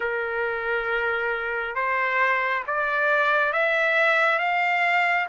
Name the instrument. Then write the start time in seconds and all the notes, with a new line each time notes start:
trumpet
0.00 A#4
1.75 C5
2.66 D5
3.52 E5
4.38 F5